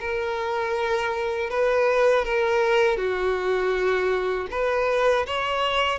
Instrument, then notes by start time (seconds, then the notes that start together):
violin
0.00 A#4
1.50 B4
2.25 A#4
2.98 F#4
4.51 B4
5.27 C#5